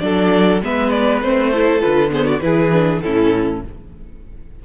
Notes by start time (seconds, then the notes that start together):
0.00 F#3 D4 A4 D5
0.62 G#3 B3 B4 E5
0.90 D5
1.21 A3 C4 C5
1.51 E4 A4
1.80 D3 F4 B4
2.10 B3 G#4 C5
2.25 F#4 D5
2.40 E3 E4 G#4 B4
2.71 D4
3.02 A2 C#4 E4 A4